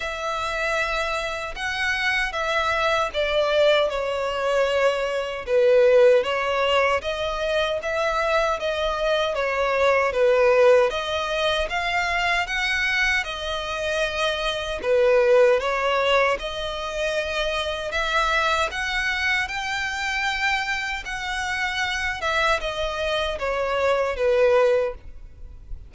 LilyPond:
\new Staff \with { instrumentName = "violin" } { \time 4/4 \tempo 4 = 77 e''2 fis''4 e''4 | d''4 cis''2 b'4 | cis''4 dis''4 e''4 dis''4 | cis''4 b'4 dis''4 f''4 |
fis''4 dis''2 b'4 | cis''4 dis''2 e''4 | fis''4 g''2 fis''4~ | fis''8 e''8 dis''4 cis''4 b'4 | }